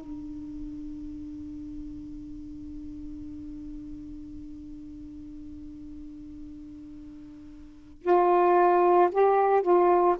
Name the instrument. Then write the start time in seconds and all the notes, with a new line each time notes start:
saxophone
0.00 D4
8.02 F4
9.12 G4
9.62 F4